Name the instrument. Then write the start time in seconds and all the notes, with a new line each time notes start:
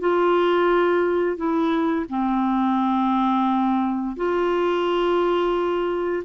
clarinet
0.00 F4
1.37 E4
2.09 C4
4.16 F4